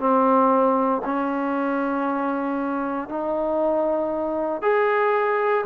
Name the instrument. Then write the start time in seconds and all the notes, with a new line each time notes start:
trombone
0.00 C4
1.05 C#4
3.09 D#4
4.62 G#4